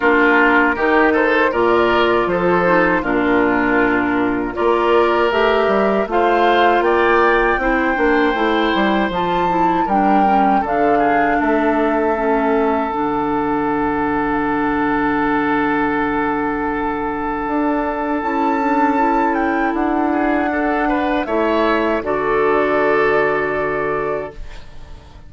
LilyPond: <<
  \new Staff \with { instrumentName = "flute" } { \time 4/4 \tempo 4 = 79 ais'4. c''8 d''4 c''4 | ais'2 d''4 e''4 | f''4 g''2. | a''4 g''4 f''4 e''4~ |
e''4 fis''2.~ | fis''1 | a''4. g''8 fis''2 | e''4 d''2. | }
  \new Staff \with { instrumentName = "oboe" } { \time 4/4 f'4 g'8 a'8 ais'4 a'4 | f'2 ais'2 | c''4 d''4 c''2~ | c''4 ais'4 a'8 gis'8 a'4~ |
a'1~ | a'1~ | a'2~ a'8 gis'8 a'8 b'8 | cis''4 a'2. | }
  \new Staff \with { instrumentName = "clarinet" } { \time 4/4 d'4 dis'4 f'4. dis'8 | d'2 f'4 g'4 | f'2 e'8 d'8 e'4 | f'8 e'8 d'8 cis'8 d'2 |
cis'4 d'2.~ | d'1 | e'8 d'8 e'2 d'4 | e'4 fis'2. | }
  \new Staff \with { instrumentName = "bassoon" } { \time 4/4 ais4 dis4 ais,4 f4 | ais,2 ais4 a8 g8 | a4 ais4 c'8 ais8 a8 g8 | f4 g4 d4 a4~ |
a4 d2.~ | d2. d'4 | cis'2 d'2 | a4 d2. | }
>>